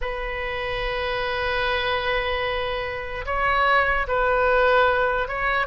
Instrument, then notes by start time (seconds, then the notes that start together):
oboe
0.01 B4
3.25 C#5
4.07 B4
5.27 C#5